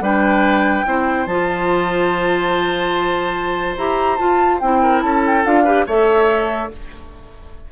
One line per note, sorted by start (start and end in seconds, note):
0.00 0.83 G3
0.00 0.85 D4
0.00 0.86 B4
0.00 1.26 G5
0.85 1.26 C4
0.85 1.27 E4
0.85 4.82 C5
1.26 3.76 F3
1.26 3.77 F4
1.26 3.76 A5
3.77 4.19 E4
3.77 4.18 G4
3.77 4.16 A#5
4.16 4.60 F4
4.16 4.61 F4
4.16 4.58 A5
4.59 5.03 C4
4.59 5.45 E4
4.59 5.01 G5
4.82 5.03 A#4
5.01 5.44 C#4
5.01 5.64 A4
5.01 5.22 A5
5.26 5.45 G5
5.45 5.86 D4
5.45 5.65 F4
5.45 5.86 F5
5.64 5.87 G4
5.64 5.85 B4
5.86 6.70 A3
5.86 6.71 A4
5.86 6.69 C#5
5.86 6.71 E5